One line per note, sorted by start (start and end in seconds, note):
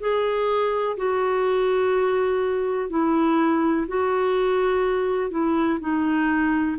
0.00 0.97 G#4
0.97 2.90 F#4
2.90 3.87 E4
3.88 5.31 F#4
5.31 5.79 E4
5.80 6.77 D#4